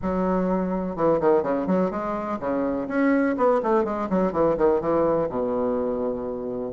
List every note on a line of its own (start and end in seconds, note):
0.02 0.96 F#3
0.96 1.20 E3
1.20 1.42 D#3
1.42 1.66 C#3
1.66 1.90 F#3
1.90 2.38 G#3
2.39 2.87 C#3
2.88 3.36 C#4
3.37 3.61 B3
3.62 3.84 A3
3.84 4.08 G#3
4.09 4.32 F#3
4.32 4.56 E3
4.57 4.80 D#3
4.80 5.28 E3
5.29 6.73 B2